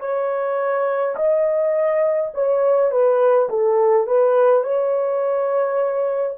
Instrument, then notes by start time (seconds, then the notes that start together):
horn
0.00 C#5
1.16 D#5
2.34 C#5
2.91 B4
3.49 A4
4.07 B4
4.64 C#5